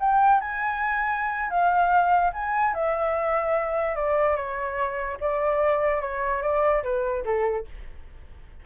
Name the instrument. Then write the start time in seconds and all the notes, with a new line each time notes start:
flute
0.00 G5
0.41 G#5
1.50 F5
2.33 G#5
2.74 E5
3.96 D5
4.36 C#5
5.21 D5
6.01 C#5
6.42 D5
6.83 B4
7.25 A4